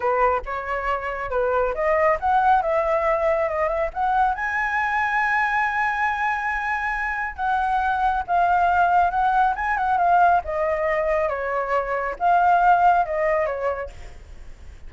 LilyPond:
\new Staff \with { instrumentName = "flute" } { \time 4/4 \tempo 4 = 138 b'4 cis''2 b'4 | dis''4 fis''4 e''2 | dis''8 e''8 fis''4 gis''2~ | gis''1~ |
gis''4 fis''2 f''4~ | f''4 fis''4 gis''8 fis''8 f''4 | dis''2 cis''2 | f''2 dis''4 cis''4 | }